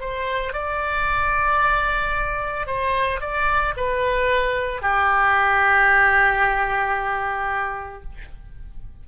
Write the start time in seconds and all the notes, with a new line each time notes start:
0.00 C5
0.53 D5
2.66 C5
3.20 D5
3.76 B4
4.81 G4